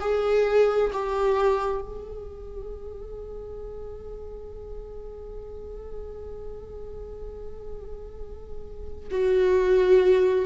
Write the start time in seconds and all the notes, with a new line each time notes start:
0.00 G#4
0.93 G4
1.81 G#4
9.11 F#4